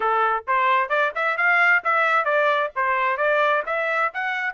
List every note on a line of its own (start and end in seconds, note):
0.00 0.43 A4
0.47 0.89 C5
0.89 1.12 D5
1.15 1.37 E5
1.37 1.82 F5
1.84 2.24 E5
2.24 2.70 D5
2.75 3.17 C5
3.17 3.62 D5
3.66 4.11 E5
4.13 4.54 F#5